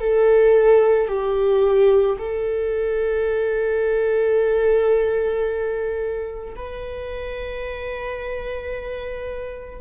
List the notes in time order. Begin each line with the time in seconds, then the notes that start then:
0.00 A4
1.08 G4
2.19 A4
6.56 B4